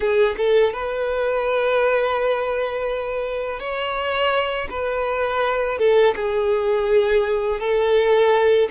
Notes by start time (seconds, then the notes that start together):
0.00 G#4
0.37 A4
0.73 B4
3.59 C#5
4.70 B4
5.78 A4
6.15 G#4
7.60 A4